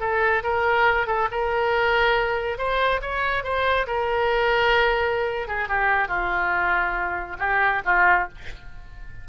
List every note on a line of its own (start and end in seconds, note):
0.00 0.43 A4
0.43 1.07 A#4
1.07 1.29 A4
1.31 2.58 A#4
2.58 3.01 C5
3.02 3.44 C#5
3.44 3.86 C5
3.87 5.48 A#4
5.48 5.68 G#4
5.68 6.08 G4
6.08 7.37 F4
7.39 7.82 G4
7.85 8.28 F4